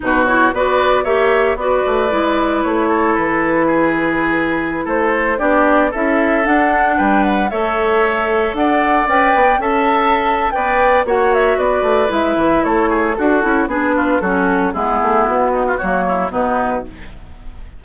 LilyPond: <<
  \new Staff \with { instrumentName = "flute" } { \time 4/4 \tempo 4 = 114 b'8 cis''8 d''4 e''4 d''4~ | d''4 cis''4 b'2~ | b'4~ b'16 c''4 d''4 e''8.~ | e''16 fis''4 g''8 fis''8 e''4.~ e''16~ |
e''16 fis''4 g''4 a''4.~ a''16 | g''4 fis''8 e''8 d''4 e''4 | cis''4 a'4 b'4 a'4 | gis'4 fis'4 cis''4 b'4 | }
  \new Staff \with { instrumentName = "oboe" } { \time 4/4 fis'4 b'4 cis''4 b'4~ | b'4. a'4. gis'4~ | gis'4~ gis'16 a'4 g'4 a'8.~ | a'4~ a'16 b'4 cis''4.~ cis''16~ |
cis''16 d''2 e''4.~ e''16 | d''4 cis''4 b'2 | a'8 gis'8 fis'4 gis'8 f'8 fis'4 | e'4. dis'16 f'16 fis'8 e'8 dis'4 | }
  \new Staff \with { instrumentName = "clarinet" } { \time 4/4 dis'8 e'8 fis'4 g'4 fis'4 | e'1~ | e'2~ e'16 d'4 e'8.~ | e'16 d'2 a'4.~ a'16~ |
a'4~ a'16 b'4 a'4.~ a'16 | b'4 fis'2 e'4~ | e'4 fis'8 e'8 d'4 cis'4 | b2 ais4 b4 | }
  \new Staff \with { instrumentName = "bassoon" } { \time 4/4 b,4 b4 ais4 b8 a8 | gis4 a4 e2~ | e4~ e16 a4 b4 cis'8.~ | cis'16 d'4 g4 a4.~ a16~ |
a16 d'4 cis'8 b8 cis'4.~ cis'16 | b4 ais4 b8 a8 gis8 e8 | a4 d'8 cis'8 b4 fis4 | gis8 a8 b4 fis4 b,4 | }
>>